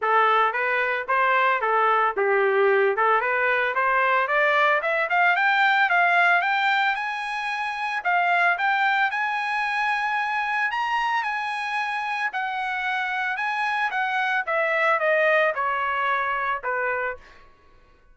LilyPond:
\new Staff \with { instrumentName = "trumpet" } { \time 4/4 \tempo 4 = 112 a'4 b'4 c''4 a'4 | g'4. a'8 b'4 c''4 | d''4 e''8 f''8 g''4 f''4 | g''4 gis''2 f''4 |
g''4 gis''2. | ais''4 gis''2 fis''4~ | fis''4 gis''4 fis''4 e''4 | dis''4 cis''2 b'4 | }